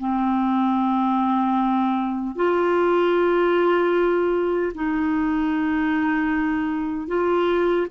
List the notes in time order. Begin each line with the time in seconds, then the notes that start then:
0.00 C4
2.36 F4
4.75 D#4
7.08 F4